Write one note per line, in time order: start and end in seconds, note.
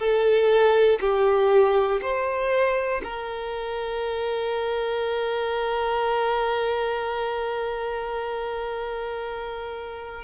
0.00 1.00 A4
1.01 2.01 G4
2.02 3.02 C5
3.04 10.25 A#4